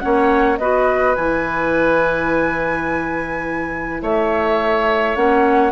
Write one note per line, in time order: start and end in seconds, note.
0.00 0.60 A#3
0.00 0.58 C#4
0.00 0.60 C#5
0.00 0.57 F#5
0.58 1.17 B3
0.58 1.17 F#4
0.58 4.03 B4
0.58 1.15 D#5
1.16 4.02 E3
1.16 5.16 E4
1.16 4.02 G#5
4.02 5.16 A3
4.02 5.72 C#5
4.02 5.16 E5
5.16 5.72 A#3
5.16 5.72 C#4
5.16 5.72 F#5